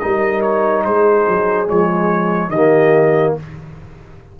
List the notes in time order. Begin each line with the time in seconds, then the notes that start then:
0.00 G3 D#4 A#4 D#5
0.42 C#5
0.85 G#3 G#4 C5
1.28 F#3
1.68 F3 G#3 C#5
2.49 D#3 G4 D#5
2.57 A#3